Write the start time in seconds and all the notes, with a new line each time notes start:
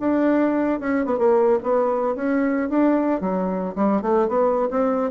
0.00 D4
0.80 C#4
1.06 B3
1.18 A#3
1.63 B3
2.16 C#4
2.70 D4
3.21 F#3
3.76 G3
4.02 A3
4.29 B3
4.71 C4